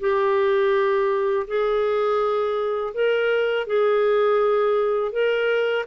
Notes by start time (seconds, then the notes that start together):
0.00 G4
1.47 G#4
2.94 A#4
3.67 G#4
5.12 A#4